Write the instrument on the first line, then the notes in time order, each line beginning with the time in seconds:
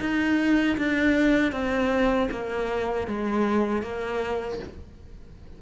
cello
0.00 D#4
0.77 D4
1.52 C4
2.31 A#3
3.07 G#3
3.82 A#3